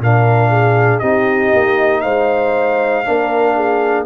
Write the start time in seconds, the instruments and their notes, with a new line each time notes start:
0.00 tuba A#2, trombone D4, horn A#4, trumpet F5
0.50 horn G#4
0.99 tuba C4, trombone D#4, horn G4, trumpet D#5
1.54 tuba A#3
2.01 tuba G#3, horn C5, trumpet F5
3.05 tuba A#3, trombone D4, horn A#4
3.56 horn G#4